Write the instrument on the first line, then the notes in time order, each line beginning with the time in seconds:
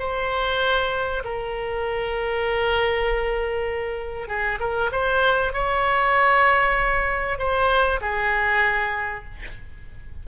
oboe
0.00 C5
1.25 A#4
4.28 G#4
4.60 A#4
4.92 C5
5.53 C#5
7.39 C5
8.02 G#4